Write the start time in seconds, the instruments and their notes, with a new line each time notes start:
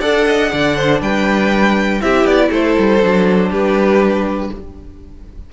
0.00 cello D4, viola A4, violin D5 F#5
0.26 violin D#5
0.51 cello D3, viola D4, violin D5
0.76 violin C5
1.01 cello G3, violin B4 G5
2.00 cello C4, viola E4, violin G4 E5
2.24 cello B3, violin D5
2.49 cello A3, violin A4 C5
2.78 cello G3
3.01 cello F#3, viola D4
3.49 cello G3, violin G4 B4